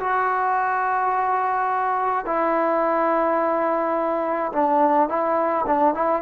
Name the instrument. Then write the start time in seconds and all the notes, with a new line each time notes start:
trombone
0.00 F#4
2.26 E4
4.53 D4
5.09 E4
5.67 D4
5.95 E4